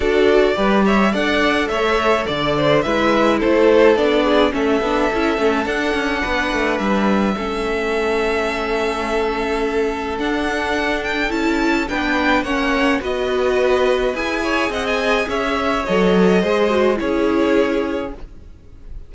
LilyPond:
<<
  \new Staff \with { instrumentName = "violin" } { \time 4/4 \tempo 4 = 106 d''4. e''8 fis''4 e''4 | d''4 e''4 c''4 d''4 | e''2 fis''2 | e''1~ |
e''2 fis''4. g''8 | a''4 g''4 fis''4 dis''4~ | dis''4 gis''4 fis''16 gis''8. e''4 | dis''2 cis''2 | }
  \new Staff \with { instrumentName = "violin" } { \time 4/4 a'4 b'8 cis''8 d''4 cis''4 | d''8 c''8 b'4 a'4. gis'8 | a'2. b'4~ | b'4 a'2.~ |
a'1~ | a'4 b'4 cis''4 b'4~ | b'4. cis''8 dis''4 cis''4~ | cis''4 c''4 gis'2 | }
  \new Staff \with { instrumentName = "viola" } { \time 4/4 fis'4 g'4 a'2~ | a'4 e'2 d'4 | cis'8 d'8 e'8 cis'8 d'2~ | d'4 cis'2.~ |
cis'2 d'2 | e'4 d'4 cis'4 fis'4~ | fis'4 gis'2. | a'4 gis'8 fis'8 e'2 | }
  \new Staff \with { instrumentName = "cello" } { \time 4/4 d'4 g4 d'4 a4 | d4 gis4 a4 b4 | a8 b8 cis'8 a8 d'8 cis'8 b8 a8 | g4 a2.~ |
a2 d'2 | cis'4 b4 ais4 b4~ | b4 e'4 c'4 cis'4 | fis4 gis4 cis'2 | }
>>